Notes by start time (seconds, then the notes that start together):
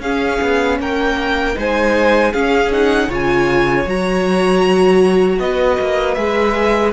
0.00 C#4 G#4 F5
0.42 B3
0.79 A#3 A#4 G5
1.55 G#3 D#4 C5 G#5
2.33 C#4 G#4 F5
2.72 D#4 F#5
3.08 C#3 F4 C#5 G#5
3.86 F#3 F#4 A#5
5.39 B3 B4 D#5
5.80 A#3
6.15 G#3 G#4 E5